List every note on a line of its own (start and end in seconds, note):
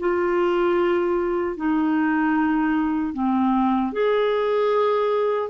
0.00 1.56 F4
1.56 3.14 D#4
3.14 3.93 C4
3.93 5.50 G#4